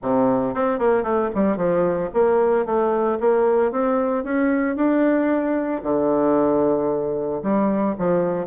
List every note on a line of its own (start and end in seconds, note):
0.02 0.54 C3
0.54 0.78 C4
0.78 1.03 A#3
1.03 1.29 A3
1.34 1.56 G3
1.56 2.09 F3
2.13 2.65 A#3
2.65 3.18 A3
3.20 3.71 A#3
3.71 4.24 C4
4.24 4.75 C#4
4.75 5.82 D4
5.83 7.42 D3
7.42 7.95 G3
7.98 8.46 F3